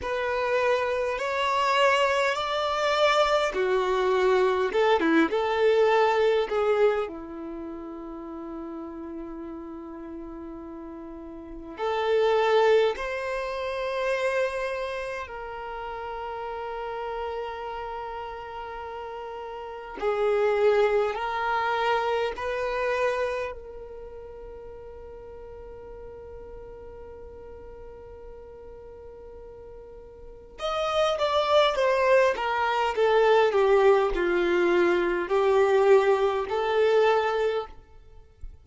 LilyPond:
\new Staff \with { instrumentName = "violin" } { \time 4/4 \tempo 4 = 51 b'4 cis''4 d''4 fis'4 | a'16 e'16 a'4 gis'8 e'2~ | e'2 a'4 c''4~ | c''4 ais'2.~ |
ais'4 gis'4 ais'4 b'4 | ais'1~ | ais'2 dis''8 d''8 c''8 ais'8 | a'8 g'8 f'4 g'4 a'4 | }